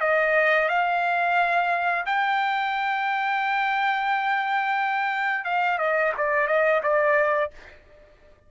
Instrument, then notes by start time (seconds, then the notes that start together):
trumpet
0.00 D#5
0.68 F5
2.05 G5
5.44 F5
5.78 D#5
6.17 D5
6.47 D#5
6.83 D5